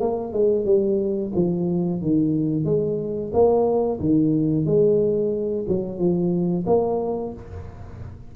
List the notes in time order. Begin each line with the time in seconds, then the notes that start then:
0.00 A#3
0.33 G#3
0.65 G3
1.36 F3
2.02 D#3
2.65 G#3
3.33 A#3
4.00 D#3
4.66 G#3
5.68 F#3
5.98 F3
6.67 A#3